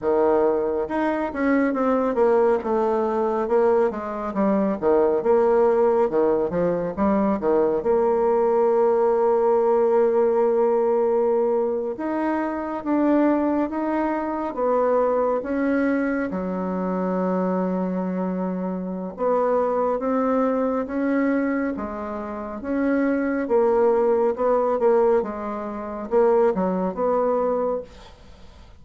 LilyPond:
\new Staff \with { instrumentName = "bassoon" } { \time 4/4 \tempo 4 = 69 dis4 dis'8 cis'8 c'8 ais8 a4 | ais8 gis8 g8 dis8 ais4 dis8 f8 | g8 dis8 ais2.~ | ais4.~ ais16 dis'4 d'4 dis'16~ |
dis'8. b4 cis'4 fis4~ fis16~ | fis2 b4 c'4 | cis'4 gis4 cis'4 ais4 | b8 ais8 gis4 ais8 fis8 b4 | }